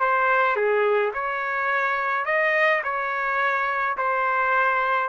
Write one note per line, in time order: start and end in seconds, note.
0.00 0.56 C5
0.56 1.12 G#4
1.13 2.25 C#5
2.25 2.82 D#5
2.84 3.97 C#5
3.97 5.09 C5